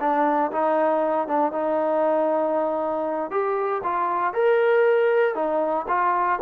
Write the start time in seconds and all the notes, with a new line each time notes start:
0.00 D4
0.52 D#4
1.28 D4
1.52 D#4
3.31 G4
3.84 F4
4.34 A#4
5.35 D#4
5.88 F4